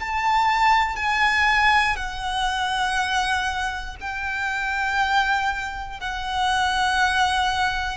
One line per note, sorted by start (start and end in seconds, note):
0.00 0.96 A5
0.96 1.96 G#5
1.96 3.96 F#5
4.00 6.00 G5
6.00 7.97 F#5